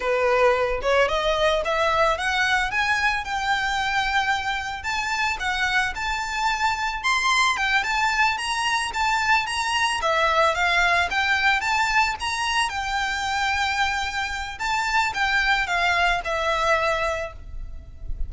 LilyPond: \new Staff \with { instrumentName = "violin" } { \time 4/4 \tempo 4 = 111 b'4. cis''8 dis''4 e''4 | fis''4 gis''4 g''2~ | g''4 a''4 fis''4 a''4~ | a''4 c'''4 g''8 a''4 ais''8~ |
ais''8 a''4 ais''4 e''4 f''8~ | f''8 g''4 a''4 ais''4 g''8~ | g''2. a''4 | g''4 f''4 e''2 | }